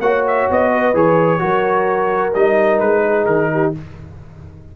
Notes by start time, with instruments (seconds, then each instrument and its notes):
0.00 tuba A#3, trombone F#4, horn C#5, trumpet F#5
0.27 trumpet E5
0.50 tuba B3, trumpet D#5
0.71 horn B4
0.94 tuba E3, trombone G#4, trumpet C#5
1.39 tuba F#3, trombone F#4, horn A#4
2.34 tuba G3, trombone D#4, trumpet D#5
2.80 tuba G#3, trumpet B4
3.05 horn G#4
3.26 tuba D#3, trumpet A#4
3.53 horn G4